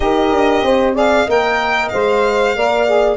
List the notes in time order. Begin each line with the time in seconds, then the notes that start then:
0.00 D#4 G4 A#4 D#5
0.31 D4
0.62 C4 C5
0.94 G#4 D5 F5
1.25 A#3 A#4 D#5 G5
1.89 G#3 C5 F5
2.55 A#3 A#4 D5
2.86 G#4